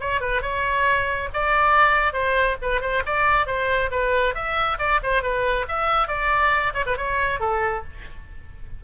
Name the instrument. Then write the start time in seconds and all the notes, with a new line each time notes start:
oboe
0.00 C#5
0.21 B4
0.42 C#5
1.33 D5
2.13 C5
2.62 B4
2.81 C5
3.06 D5
3.46 C5
3.91 B4
4.34 E5
4.78 D5
5.03 C5
5.22 B4
5.68 E5
6.08 D5
6.73 C#5
6.86 B4
6.97 C#5
7.40 A4